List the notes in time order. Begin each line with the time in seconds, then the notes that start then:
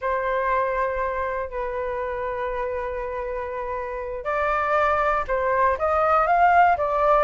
0.01 C5
1.50 B4
4.24 D5
5.27 C5
5.78 D#5
6.27 F5
6.77 D5